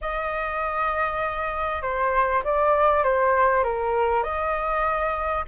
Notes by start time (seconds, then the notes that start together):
0.01 D#5
1.82 C5
2.44 D5
3.03 C5
3.63 A#4
4.23 D#5